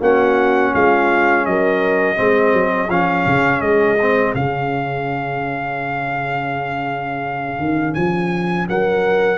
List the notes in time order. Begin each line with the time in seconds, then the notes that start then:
0.00 A#3 C#4 F#4 F#5
0.73 G#3 F4 F5
1.45 F#3 A#4 D#5
2.16 G#3 C4 G#4
2.53 F#3
2.89 F3 C#4 F5
3.26 C#3
3.61 G#3 D#5
4.01 C4
4.35 C#3 C#4 F5
7.59 D#3
7.94 F3 G#5
8.69 F#3 A#4 F#5